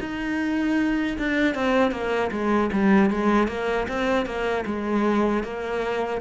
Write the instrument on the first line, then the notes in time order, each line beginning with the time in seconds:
cello
0.00 D#4
1.18 D4
1.54 C4
1.91 A#3
2.31 G#3
2.72 G3
3.10 G#3
3.48 A#3
3.88 C4
4.25 A#3
4.65 G#3
5.43 A#3